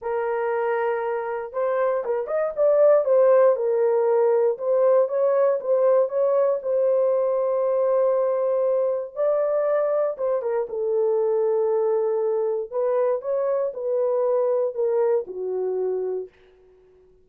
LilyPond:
\new Staff \with { instrumentName = "horn" } { \time 4/4 \tempo 4 = 118 ais'2. c''4 | ais'8 dis''8 d''4 c''4 ais'4~ | ais'4 c''4 cis''4 c''4 | cis''4 c''2.~ |
c''2 d''2 | c''8 ais'8 a'2.~ | a'4 b'4 cis''4 b'4~ | b'4 ais'4 fis'2 | }